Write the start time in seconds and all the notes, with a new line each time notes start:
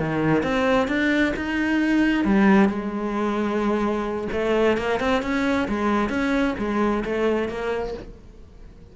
0.00 D#3
0.44 C4
0.88 D4
1.37 D#4
2.25 G3
2.69 G#3
4.33 A3
4.78 A#3
5.00 C4
5.23 C#4
5.69 G#3
6.10 C#4
6.59 G#3
7.05 A3
7.49 A#3